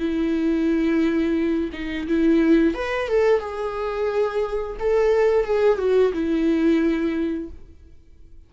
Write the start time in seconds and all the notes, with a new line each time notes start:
0.00 E4
1.73 D#4
2.08 E4
2.75 B4
3.09 A4
3.41 G#4
4.80 A4
5.45 G#4
5.79 F#4
6.14 E4